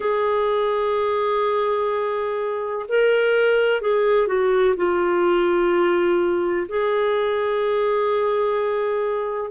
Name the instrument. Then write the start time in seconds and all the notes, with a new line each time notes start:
clarinet
0.00 G#4
2.88 A#4
3.81 G#4
4.27 F#4
4.76 F4
6.68 G#4